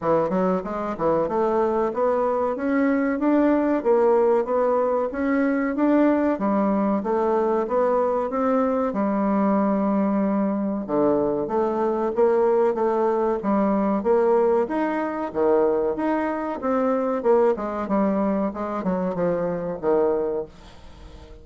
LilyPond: \new Staff \with { instrumentName = "bassoon" } { \time 4/4 \tempo 4 = 94 e8 fis8 gis8 e8 a4 b4 | cis'4 d'4 ais4 b4 | cis'4 d'4 g4 a4 | b4 c'4 g2~ |
g4 d4 a4 ais4 | a4 g4 ais4 dis'4 | dis4 dis'4 c'4 ais8 gis8 | g4 gis8 fis8 f4 dis4 | }